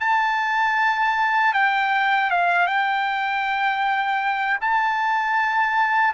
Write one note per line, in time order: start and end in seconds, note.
0.00 1.53 A5
1.53 2.30 G5
2.30 2.67 F5
2.67 4.59 G5
4.61 6.14 A5